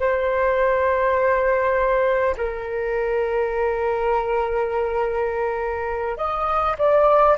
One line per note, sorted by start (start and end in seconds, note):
0.00 2.35 C5
2.37 6.17 A#4
6.17 6.76 D#5
6.78 7.37 D5